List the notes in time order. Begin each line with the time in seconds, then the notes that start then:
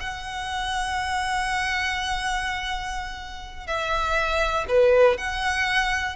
0.00 F#5
3.67 E5
4.68 B4
5.18 F#5